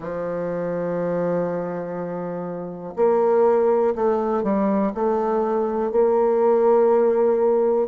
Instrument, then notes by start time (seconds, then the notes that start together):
bassoon
0.00 F3
2.96 A#3
3.95 A3
4.43 G3
4.94 A3
5.92 A#3